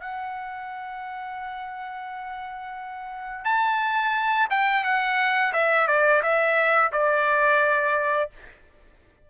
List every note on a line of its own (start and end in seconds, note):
0.00 3.45 F#5
3.45 4.48 A5
4.50 4.83 G5
4.83 5.52 F#5
5.53 5.87 E5
5.87 6.22 D5
6.23 6.92 E5
6.92 8.30 D5